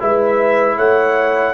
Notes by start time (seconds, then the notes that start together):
0.00 G#3 E4 B4 E5
0.77 A3 C#5 F#5